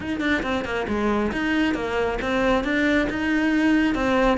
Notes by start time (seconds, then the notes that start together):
0.00 D#4
0.20 D4
0.43 C4
0.64 A#3
0.88 G#3
1.32 D#4
1.74 A#3
2.21 C4
2.63 D4
3.09 D#4
3.94 C4